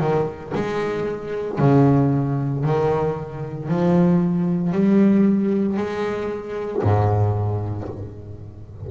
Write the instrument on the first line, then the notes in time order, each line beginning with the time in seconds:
double bass
0.00 D#3
0.55 G#3
1.59 C#3
2.64 D#3
3.69 F3
4.72 G3
5.77 G#3
6.83 G#2